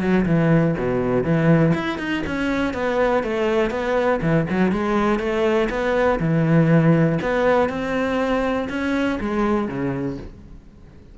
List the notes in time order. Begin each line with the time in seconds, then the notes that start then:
0.00 F#3
0.25 E3
0.78 B2
1.23 E3
1.74 E4
1.98 D#4
2.26 C#4
2.73 B3
3.23 A3
3.70 B3
4.21 E3
4.49 F#3
4.71 G#3
5.19 A3
5.69 B3
6.19 E3
7.21 B3
7.69 C4
8.69 C#4
9.20 G#3
9.68 C#3